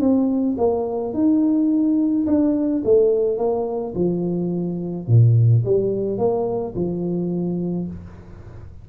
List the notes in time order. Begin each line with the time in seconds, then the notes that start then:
0.00 C4
0.58 A#3
1.13 D#4
2.26 D4
2.84 A3
3.38 A#3
3.95 F3
5.07 A#2
5.65 G3
6.18 A#3
6.75 F3